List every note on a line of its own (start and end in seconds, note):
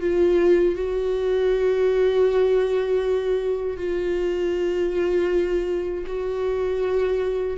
0.00 0.75 F4
0.75 3.76 F#4
3.76 6.04 F4
6.06 7.57 F#4